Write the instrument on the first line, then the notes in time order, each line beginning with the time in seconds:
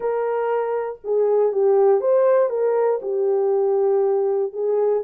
horn
0.00 A#4
1.04 G#4
1.52 G4
2.00 C5
2.49 A#4
3.02 G4
4.52 G#4